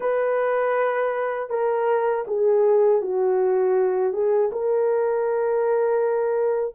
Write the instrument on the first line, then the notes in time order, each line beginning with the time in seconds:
horn
0.00 B4
1.49 A#4
2.27 G#4
3.01 F#4
4.12 G#4
4.52 A#4